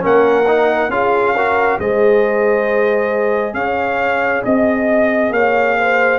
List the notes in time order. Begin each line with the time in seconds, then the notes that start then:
0.00 A#3 C#4 A#4 F#5
0.48 D#4
0.89 C#4 F4 G#4 F5
1.35 F#4 A#4
1.79 G#3 G#4 C5 D#5
3.54 C#4 C#5 F5
4.43 C4 D#5
5.31 A#3 C#5 F5
5.78 C5